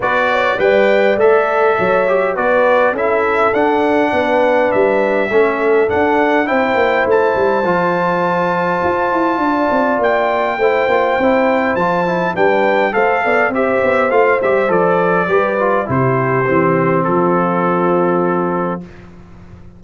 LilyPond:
<<
  \new Staff \with { instrumentName = "trumpet" } { \time 4/4 \tempo 4 = 102 d''4 g''4 e''2 | d''4 e''4 fis''2 | e''2 fis''4 g''4 | a''1~ |
a''4 g''2. | a''4 g''4 f''4 e''4 | f''8 e''8 d''2 c''4~ | c''4 a'2. | }
  \new Staff \with { instrumentName = "horn" } { \time 4/4 b'8 cis''8 d''2 cis''4 | b'4 a'2 b'4~ | b'4 a'2 c''4~ | c''1 |
d''2 c''2~ | c''4 b'4 c''8 d''8 c''4~ | c''2 b'4 g'4~ | g'4 f'2. | }
  \new Staff \with { instrumentName = "trombone" } { \time 4/4 fis'4 b'4 a'4. g'8 | fis'4 e'4 d'2~ | d'4 cis'4 d'4 e'4~ | e'4 f'2.~ |
f'2 e'8 f'8 e'4 | f'8 e'8 d'4 a'4 g'4 | f'8 g'8 a'4 g'8 f'8 e'4 | c'1 | }
  \new Staff \with { instrumentName = "tuba" } { \time 4/4 b4 g4 a4 fis4 | b4 cis'4 d'4 b4 | g4 a4 d'4 c'8 ais8 | a8 g8 f2 f'8 e'8 |
d'8 c'8 ais4 a8 ais8 c'4 | f4 g4 a8 b8 c'8 b8 | a8 g8 f4 g4 c4 | e4 f2. | }
>>